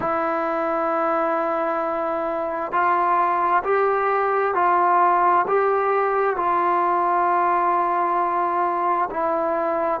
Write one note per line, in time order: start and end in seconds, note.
0.00 2.71 E4
2.71 3.62 F4
3.63 4.54 G4
4.54 5.45 F4
5.47 6.36 G4
6.36 9.09 F4
9.10 10.00 E4